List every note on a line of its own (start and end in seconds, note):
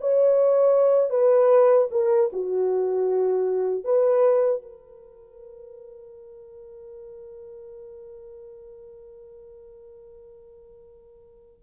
0.00 1.09 C#5
1.09 1.87 B4
1.91 2.30 A#4
2.32 3.84 F#4
3.84 4.62 B4
4.62 11.63 A#4